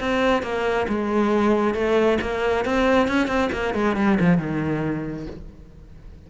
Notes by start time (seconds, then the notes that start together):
0.00 C4
0.43 A#3
0.88 G#3
1.74 A3
2.22 A#3
2.65 C4
3.08 C#4
3.27 C4
3.52 A#3
3.74 G#3
3.96 G3
4.20 F3
4.38 D#3